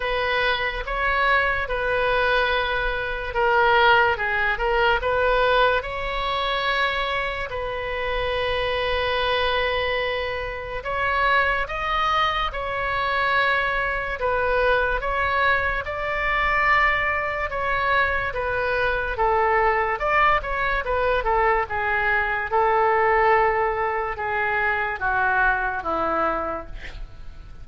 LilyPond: \new Staff \with { instrumentName = "oboe" } { \time 4/4 \tempo 4 = 72 b'4 cis''4 b'2 | ais'4 gis'8 ais'8 b'4 cis''4~ | cis''4 b'2.~ | b'4 cis''4 dis''4 cis''4~ |
cis''4 b'4 cis''4 d''4~ | d''4 cis''4 b'4 a'4 | d''8 cis''8 b'8 a'8 gis'4 a'4~ | a'4 gis'4 fis'4 e'4 | }